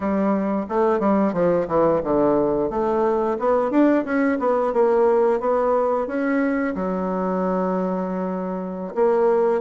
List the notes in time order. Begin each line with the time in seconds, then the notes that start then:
0.00 G3
0.68 A3
0.99 G3
1.33 F3
1.67 E3
2.03 D3
2.70 A3
3.39 B3
3.70 D4
4.04 C#4
4.39 B3
4.73 A#3
5.39 B3
6.07 C#4
6.74 F#3
8.94 A#3